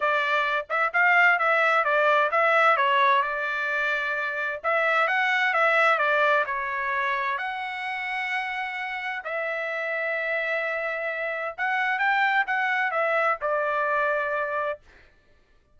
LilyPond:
\new Staff \with { instrumentName = "trumpet" } { \time 4/4 \tempo 4 = 130 d''4. e''8 f''4 e''4 | d''4 e''4 cis''4 d''4~ | d''2 e''4 fis''4 | e''4 d''4 cis''2 |
fis''1 | e''1~ | e''4 fis''4 g''4 fis''4 | e''4 d''2. | }